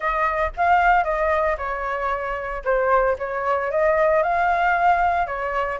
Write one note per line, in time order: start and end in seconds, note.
0.00 0.51 D#5
0.56 1.04 F5
1.04 1.56 D#5
1.57 2.62 C#5
2.64 3.17 C5
3.18 3.71 C#5
3.71 4.22 D#5
4.22 5.26 F5
5.26 5.79 C#5